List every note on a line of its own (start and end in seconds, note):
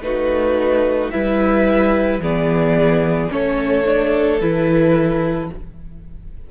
0.00 1.09 A3
0.00 1.11 D#4
0.00 1.12 F#4
0.00 1.10 B4
1.10 2.18 G3
1.10 2.21 E4
1.10 2.21 B4
1.10 2.19 E5
2.18 3.27 E3
2.18 3.29 B3
2.18 3.30 G#4
2.18 3.32 D5
3.29 4.40 A3
3.29 3.84 C#4
3.29 5.50 A4
3.29 4.41 C#5
3.85 4.40 D4
4.40 5.50 E3
4.40 5.50 E4
4.40 5.50 B4